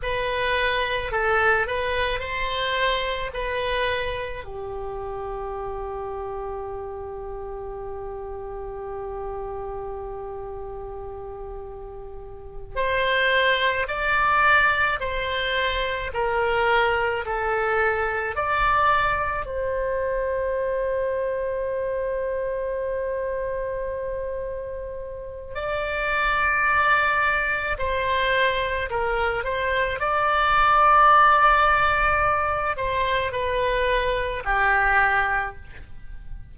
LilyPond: \new Staff \with { instrumentName = "oboe" } { \time 4/4 \tempo 4 = 54 b'4 a'8 b'8 c''4 b'4 | g'1~ | g'2.~ g'8 c''8~ | c''8 d''4 c''4 ais'4 a'8~ |
a'8 d''4 c''2~ c''8~ | c''2. d''4~ | d''4 c''4 ais'8 c''8 d''4~ | d''4. c''8 b'4 g'4 | }